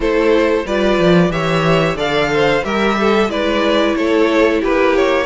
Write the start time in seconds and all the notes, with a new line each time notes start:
0.00 A3 E4 A4 C5
0.65 G3 F4 B4 D5
0.98 F3
1.28 E3 G4 C#5 E5
1.95 D3 A4 D5 F5
2.33 C5
2.64 G3 G4 A#4 E5
2.99 A4
3.29 G#3 E4 B4 D5
3.95 A3 A4 C#5
4.61 A#3 G4 B4
4.96 C#5